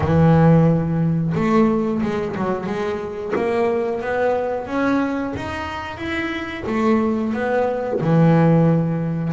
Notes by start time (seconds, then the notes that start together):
0.00 E3
1.35 A3
2.02 G#3
2.35 F#3
2.66 G#3
3.35 A#3
4.01 B3
4.66 C#4
5.35 D#4
5.97 E4
6.66 A3
7.33 B3
8.00 E3